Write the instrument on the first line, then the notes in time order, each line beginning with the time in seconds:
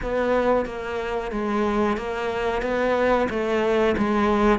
cello
0.02 B3
0.65 A#3
1.31 G#3
1.97 A#3
2.62 B3
3.29 A3
3.97 G#3